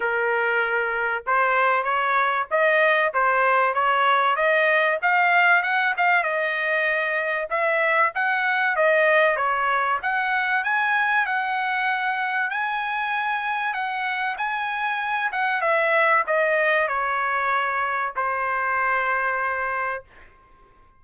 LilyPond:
\new Staff \with { instrumentName = "trumpet" } { \time 4/4 \tempo 4 = 96 ais'2 c''4 cis''4 | dis''4 c''4 cis''4 dis''4 | f''4 fis''8 f''8 dis''2 | e''4 fis''4 dis''4 cis''4 |
fis''4 gis''4 fis''2 | gis''2 fis''4 gis''4~ | gis''8 fis''8 e''4 dis''4 cis''4~ | cis''4 c''2. | }